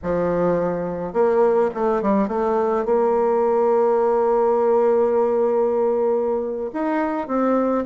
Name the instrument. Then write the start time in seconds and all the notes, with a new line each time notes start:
bassoon
0.03 F3
1.13 A#3
1.74 A3
2.02 G3
2.28 A3
2.85 A#3
6.73 D#4
7.27 C4